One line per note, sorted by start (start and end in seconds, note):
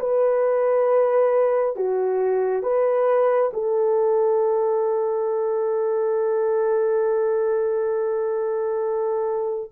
0.00 1.76 B4
1.76 2.63 F#4
2.63 3.51 B4
3.53 9.71 A4